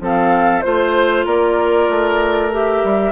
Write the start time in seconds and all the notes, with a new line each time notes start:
0.00 F3 C4 A4 F5
0.61 A3 F4 C5
1.25 A#3 A#4 D5
1.89 A3
2.51 G4 E5
2.84 G3